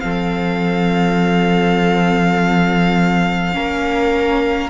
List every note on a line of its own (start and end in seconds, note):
0.00 3.57 F3
0.00 3.53 C4
0.00 3.55 A4
0.00 4.71 F5
3.53 4.71 A#3
3.53 4.71 C#4
3.53 4.71 A#4